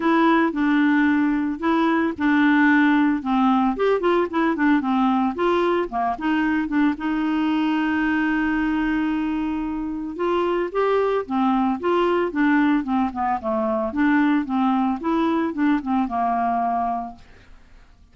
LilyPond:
\new Staff \with { instrumentName = "clarinet" } { \time 4/4 \tempo 4 = 112 e'4 d'2 e'4 | d'2 c'4 g'8 f'8 | e'8 d'8 c'4 f'4 ais8 dis'8~ | dis'8 d'8 dis'2.~ |
dis'2. f'4 | g'4 c'4 f'4 d'4 | c'8 b8 a4 d'4 c'4 | e'4 d'8 c'8 ais2 | }